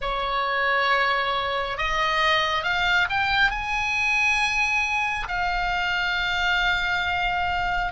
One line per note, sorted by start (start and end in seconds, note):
0.01 1.77 C#5
1.77 2.63 D#5
2.63 3.07 F5
3.09 3.51 G5
3.51 5.27 G#5
5.27 7.92 F5